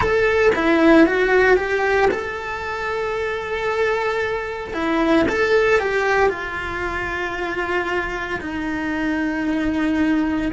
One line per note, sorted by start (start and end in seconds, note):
0.00 0.51 A4
0.55 1.06 E4
1.06 1.56 F#4
1.56 2.09 G4
2.11 4.73 A4
4.73 5.26 E4
5.28 5.79 A4
5.79 6.29 G4
6.29 8.39 F4
8.41 10.51 D#4